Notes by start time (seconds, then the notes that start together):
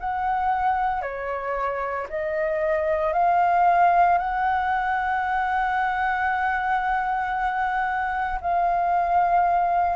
0.00 F#5
1.02 C#5
2.10 D#5
3.13 F5
4.19 F#5
8.41 F5